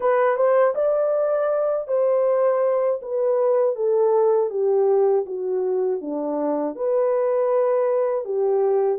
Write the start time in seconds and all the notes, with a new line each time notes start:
0.00 B4
0.36 C5
0.75 D5
1.88 C5
3.01 B4
3.75 A4
4.50 G4
5.26 F#4
6.01 D4
6.75 B4
8.25 G4